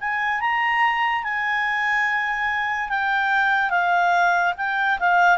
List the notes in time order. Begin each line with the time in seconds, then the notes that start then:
0.00 G#5
0.41 A#5
1.23 G#5
2.89 G5
3.70 F5
4.57 G5
5.00 F5